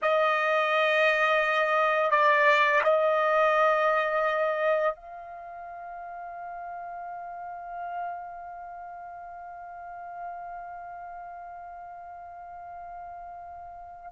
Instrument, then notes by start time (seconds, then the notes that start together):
trumpet
0.02 D#5
2.10 D5
2.83 D#5
4.95 F5